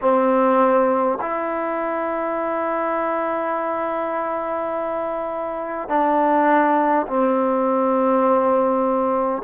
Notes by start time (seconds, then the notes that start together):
0.01 C4
1.21 E4
5.88 D4
7.06 C4